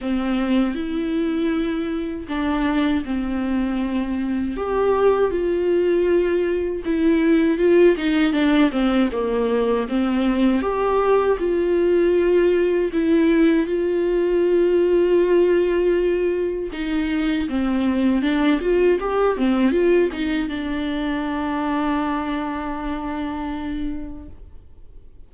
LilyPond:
\new Staff \with { instrumentName = "viola" } { \time 4/4 \tempo 4 = 79 c'4 e'2 d'4 | c'2 g'4 f'4~ | f'4 e'4 f'8 dis'8 d'8 c'8 | ais4 c'4 g'4 f'4~ |
f'4 e'4 f'2~ | f'2 dis'4 c'4 | d'8 f'8 g'8 c'8 f'8 dis'8 d'4~ | d'1 | }